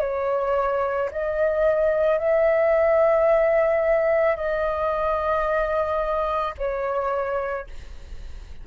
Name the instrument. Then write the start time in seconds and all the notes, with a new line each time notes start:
flute
0.00 C#5
1.11 D#5
2.18 E5
4.36 D#5
6.58 C#5